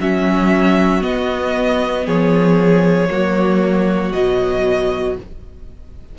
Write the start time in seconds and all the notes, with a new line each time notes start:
0.00 F#3 C#4 F#4 E5
1.01 B3 D#5
2.06 F3 G#4 C#5
3.11 F#3 A#3 F#4
4.13 B2 F#3 D#5